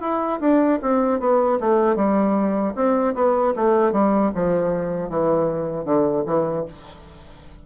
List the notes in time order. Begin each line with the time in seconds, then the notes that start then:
0.00 E4
0.40 D4
0.81 C4
1.19 B3
1.60 A3
1.95 G3
2.75 C4
3.14 B3
3.55 A3
3.92 G3
4.34 F3
5.09 E3
5.84 D3
6.26 E3